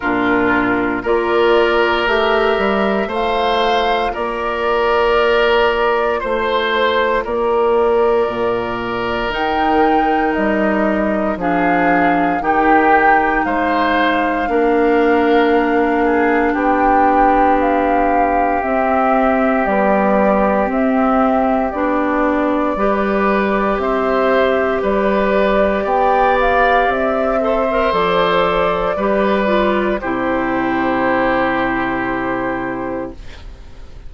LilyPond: <<
  \new Staff \with { instrumentName = "flute" } { \time 4/4 \tempo 4 = 58 ais'4 d''4 e''4 f''4 | d''2 c''4 d''4~ | d''4 g''4 dis''4 f''4 | g''4 f''2. |
g''4 f''4 e''4 d''4 | e''4 d''2 e''4 | d''4 g''8 f''8 e''4 d''4~ | d''4 c''2. | }
  \new Staff \with { instrumentName = "oboe" } { \time 4/4 f'4 ais'2 c''4 | ais'2 c''4 ais'4~ | ais'2. gis'4 | g'4 c''4 ais'4. gis'8 |
g'1~ | g'2 b'4 c''4 | b'4 d''4. c''4. | b'4 g'2. | }
  \new Staff \with { instrumentName = "clarinet" } { \time 4/4 d'4 f'4 g'4 f'4~ | f'1~ | f'4 dis'2 d'4 | dis'2 d'2~ |
d'2 c'4 g4 | c'4 d'4 g'2~ | g'2~ g'8 a'16 ais'16 a'4 | g'8 f'8 e'2. | }
  \new Staff \with { instrumentName = "bassoon" } { \time 4/4 ais,4 ais4 a8 g8 a4 | ais2 a4 ais4 | ais,4 dis4 g4 f4 | dis4 gis4 ais2 |
b2 c'4 b4 | c'4 b4 g4 c'4 | g4 b4 c'4 f4 | g4 c2. | }
>>